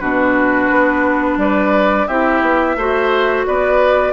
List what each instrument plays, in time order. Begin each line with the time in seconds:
0.00 bassoon B2, clarinet D4, oboe F#4, flute B4
0.71 bassoon B3
1.37 bassoon G3, oboe B4, flute D5
2.07 bassoon C4, clarinet E4, oboe G4, flute E5
2.42 bassoon B3
2.76 bassoon A3, clarinet F#4, oboe C5
3.46 bassoon B3, oboe B4, flute D5